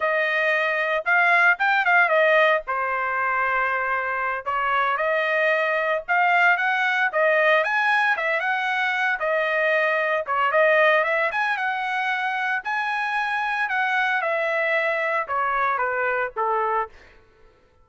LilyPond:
\new Staff \with { instrumentName = "trumpet" } { \time 4/4 \tempo 4 = 114 dis''2 f''4 g''8 f''8 | dis''4 c''2.~ | c''8 cis''4 dis''2 f''8~ | f''8 fis''4 dis''4 gis''4 e''8 |
fis''4. dis''2 cis''8 | dis''4 e''8 gis''8 fis''2 | gis''2 fis''4 e''4~ | e''4 cis''4 b'4 a'4 | }